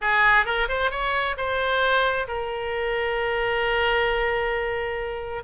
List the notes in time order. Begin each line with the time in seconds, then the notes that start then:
0.01 G#4
0.45 A#4
0.68 C5
0.90 C#5
1.37 C5
2.27 A#4